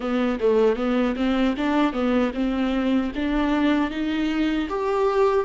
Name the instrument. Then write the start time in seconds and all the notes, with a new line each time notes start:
viola
0.00 B3
0.40 A3
0.76 B3
1.16 C4
1.57 D4
1.92 B3
2.33 C4
3.15 D4
3.90 D#4
4.69 G4